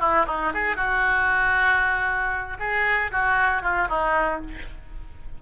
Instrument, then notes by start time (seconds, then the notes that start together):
oboe
0.00 E4
0.27 D#4
0.54 G#4
0.77 F#4
2.60 G#4
3.12 F#4
3.62 F4
3.89 D#4